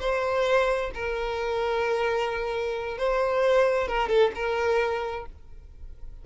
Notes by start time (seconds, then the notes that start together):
0.00 C5
0.94 A#4
2.98 C5
3.88 A#4
4.09 A4
4.35 A#4